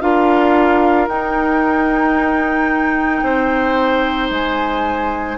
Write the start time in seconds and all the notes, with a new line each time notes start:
0.00 D4 F4 A#4 F5
1.07 D#4 G5
3.22 C4 C5
4.30 G#3 G#5